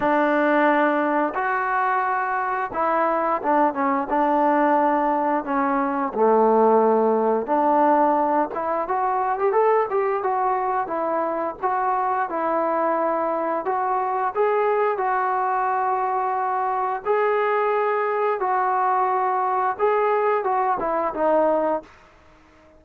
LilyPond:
\new Staff \with { instrumentName = "trombone" } { \time 4/4 \tempo 4 = 88 d'2 fis'2 | e'4 d'8 cis'8 d'2 | cis'4 a2 d'4~ | d'8 e'8 fis'8. g'16 a'8 g'8 fis'4 |
e'4 fis'4 e'2 | fis'4 gis'4 fis'2~ | fis'4 gis'2 fis'4~ | fis'4 gis'4 fis'8 e'8 dis'4 | }